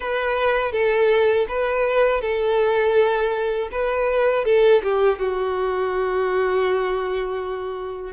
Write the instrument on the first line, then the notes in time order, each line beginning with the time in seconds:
violin
0.00 B4
0.72 A4
1.48 B4
2.21 A4
3.71 B4
4.44 A4
4.82 G4
5.19 F#4